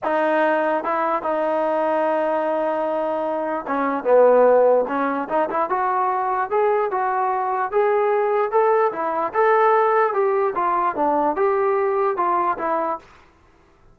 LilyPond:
\new Staff \with { instrumentName = "trombone" } { \time 4/4 \tempo 4 = 148 dis'2 e'4 dis'4~ | dis'1~ | dis'4 cis'4 b2 | cis'4 dis'8 e'8 fis'2 |
gis'4 fis'2 gis'4~ | gis'4 a'4 e'4 a'4~ | a'4 g'4 f'4 d'4 | g'2 f'4 e'4 | }